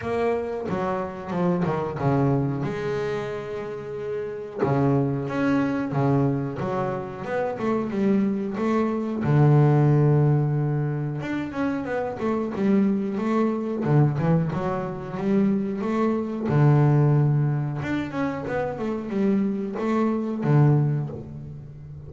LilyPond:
\new Staff \with { instrumentName = "double bass" } { \time 4/4 \tempo 4 = 91 ais4 fis4 f8 dis8 cis4 | gis2. cis4 | cis'4 cis4 fis4 b8 a8 | g4 a4 d2~ |
d4 d'8 cis'8 b8 a8 g4 | a4 d8 e8 fis4 g4 | a4 d2 d'8 cis'8 | b8 a8 g4 a4 d4 | }